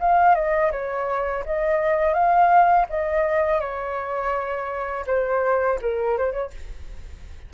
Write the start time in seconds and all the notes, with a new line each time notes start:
0.00 F5
0.35 D#5
0.72 C#5
1.46 D#5
2.14 F5
2.89 D#5
3.60 C#5
5.07 C5
5.82 A#4
6.18 C5
6.33 C#5